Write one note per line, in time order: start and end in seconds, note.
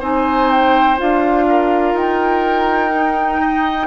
0.00 0.98 C4
0.00 0.97 D#4
0.00 1.45 C5
0.00 0.51 G#5
0.51 1.00 G5
0.98 1.94 D4
0.98 2.91 F4
0.98 1.97 F5
1.49 3.41 A#4
1.94 3.87 D#4
1.94 3.87 G5
2.94 3.87 D#4
3.41 3.87 D#5